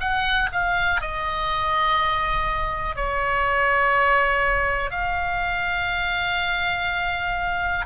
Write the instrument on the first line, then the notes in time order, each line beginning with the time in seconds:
oboe
0.00 F#5
0.52 F5
1.01 D#5
2.96 C#5
4.90 F5